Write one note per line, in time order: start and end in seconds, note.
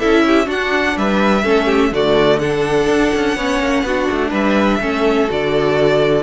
0.00 0.48 C#4
0.00 0.46 E4
0.00 0.24 A4
0.00 0.48 E5
0.27 0.47 G4
0.46 1.42 D4
0.46 0.96 D4
0.46 0.95 F#4
0.46 0.98 F#5
0.97 1.44 G3
0.97 1.44 B4
0.97 1.94 E5
1.44 1.92 A3
1.44 1.92 C#4
1.44 1.66 A4
1.66 1.90 G4
1.92 2.87 D3
1.92 2.41 A3
1.92 2.40 F#4
1.92 2.40 D5
2.40 3.39 D4
2.40 3.36 A4
2.40 4.32 F#5
2.87 3.11 D4
3.15 3.37 C#4
3.36 3.60 B3
3.36 3.87 C#4
3.36 3.84 C#5
3.60 3.83 A#3
3.83 4.07 B3
3.83 4.82 D4
3.83 4.30 F#4
4.11 4.33 A3
4.30 4.80 G3
4.30 4.78 B4
4.30 5.30 E5
4.81 5.29 A3
4.81 5.29 C#4
4.81 6.24 A4
5.29 6.24 D3
5.29 6.24 F#4
5.29 6.24 D5